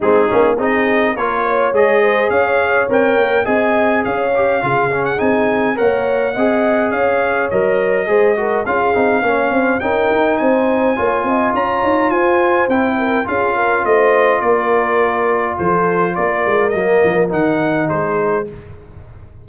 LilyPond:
<<
  \new Staff \with { instrumentName = "trumpet" } { \time 4/4 \tempo 4 = 104 gis'4 dis''4 cis''4 dis''4 | f''4 g''4 gis''4 f''4~ | f''8. fis''16 gis''4 fis''2 | f''4 dis''2 f''4~ |
f''4 g''4 gis''2 | ais''4 gis''4 g''4 f''4 | dis''4 d''2 c''4 | d''4 dis''4 fis''4 c''4 | }
  \new Staff \with { instrumentName = "horn" } { \time 4/4 dis'4 gis'4 ais'8 cis''4 c''8 | cis''2 dis''4 cis''4 | gis'2 cis''4 dis''4 | cis''2 c''8 ais'8 gis'4 |
cis''8 c''8 ais'4 c''4 cis''8 dis''8 | cis''4 c''4. ais'8 gis'8 ais'8 | c''4 ais'2 a'4 | ais'2. gis'4 | }
  \new Staff \with { instrumentName = "trombone" } { \time 4/4 c'8 cis'8 dis'4 f'4 gis'4~ | gis'4 ais'4 gis'4. g'8 | f'8 cis'8 dis'4 ais'4 gis'4~ | gis'4 ais'4 gis'8 fis'8 f'8 dis'8 |
cis'4 dis'2 f'4~ | f'2 e'4 f'4~ | f'1~ | f'4 ais4 dis'2 | }
  \new Staff \with { instrumentName = "tuba" } { \time 4/4 gis8 ais8 c'4 ais4 gis4 | cis'4 c'8 ais8 c'4 cis'4 | cis4 c'4 ais4 c'4 | cis'4 fis4 gis4 cis'8 c'8 |
ais8 c'8 cis'8 dis'8 c'4 ais8 c'8 | cis'8 dis'8 f'4 c'4 cis'4 | a4 ais2 f4 | ais8 gis8 fis8 f8 dis4 gis4 | }
>>